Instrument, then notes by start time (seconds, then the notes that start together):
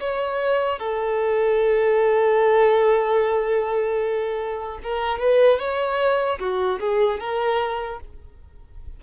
violin
0.00 C#5
0.79 A4
4.83 A#4
5.19 B4
5.59 C#5
6.39 F#4
6.80 G#4
7.20 A#4